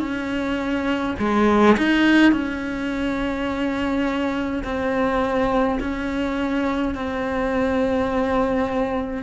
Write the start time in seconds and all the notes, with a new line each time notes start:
0.00 C#4
1.20 G#3
1.78 D#4
2.32 C#4
4.64 C4
5.81 C#4
6.95 C4